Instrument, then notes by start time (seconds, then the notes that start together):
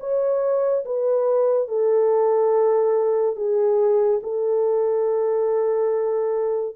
horn
0.00 C#5
0.85 B4
1.68 A4
3.36 G#4
4.23 A4